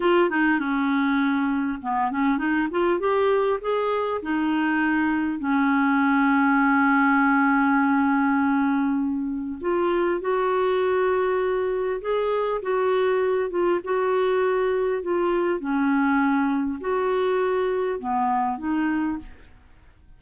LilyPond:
\new Staff \with { instrumentName = "clarinet" } { \time 4/4 \tempo 4 = 100 f'8 dis'8 cis'2 b8 cis'8 | dis'8 f'8 g'4 gis'4 dis'4~ | dis'4 cis'2.~ | cis'1 |
f'4 fis'2. | gis'4 fis'4. f'8 fis'4~ | fis'4 f'4 cis'2 | fis'2 b4 dis'4 | }